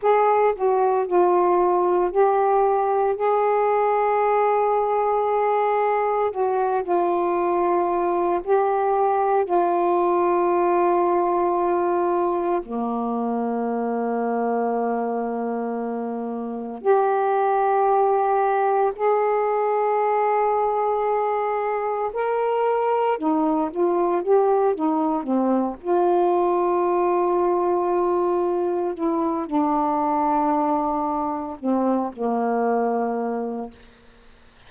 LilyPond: \new Staff \with { instrumentName = "saxophone" } { \time 4/4 \tempo 4 = 57 gis'8 fis'8 f'4 g'4 gis'4~ | gis'2 fis'8 f'4. | g'4 f'2. | ais1 |
g'2 gis'2~ | gis'4 ais'4 dis'8 f'8 g'8 dis'8 | c'8 f'2. e'8 | d'2 c'8 ais4. | }